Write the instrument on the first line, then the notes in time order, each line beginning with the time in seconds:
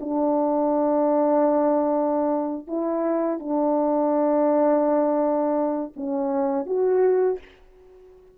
horn
0.00 D4
2.67 E4
3.39 D4
5.96 C#4
6.66 F#4